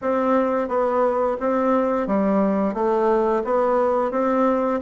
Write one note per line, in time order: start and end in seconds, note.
0.01 0.68 C4
0.68 1.37 B3
1.39 2.07 C4
2.07 2.74 G3
2.74 3.43 A3
3.44 4.11 B3
4.11 4.80 C4